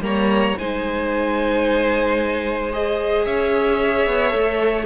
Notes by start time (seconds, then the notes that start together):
0.00 G3 A#3 C#5 A#5
0.58 G#3 D#4 C5 G#5
2.72 G#4 D#5
3.25 C#4 C#5 E5
4.06 B3
4.30 A3 A4